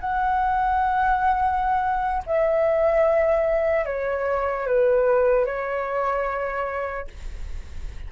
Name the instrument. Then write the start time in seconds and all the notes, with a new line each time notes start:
flute
0.00 F#5
2.26 E5
3.85 C#5
4.67 B4
5.45 C#5